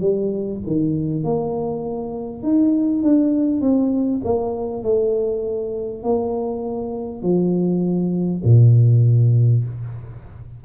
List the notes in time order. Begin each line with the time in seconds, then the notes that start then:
0.00 G3
0.67 D#3
1.24 A#3
2.43 D#4
3.03 D4
3.62 C4
4.25 A#3
4.84 A3
6.04 A#3
7.23 F3
8.44 A#2